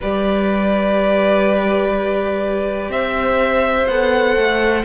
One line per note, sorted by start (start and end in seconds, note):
0.00 2.89 G3
0.00 3.89 G4
0.00 2.91 B4
0.00 2.91 D5
2.89 3.86 C4
2.89 4.84 C5
2.89 3.87 E5
3.87 4.35 B3
3.87 4.84 A4
3.87 4.84 F#5
4.35 4.84 A3